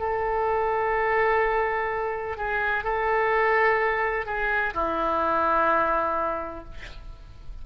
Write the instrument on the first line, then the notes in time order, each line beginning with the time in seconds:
oboe
0.00 A4
2.37 G#4
2.84 A4
4.26 G#4
4.74 E4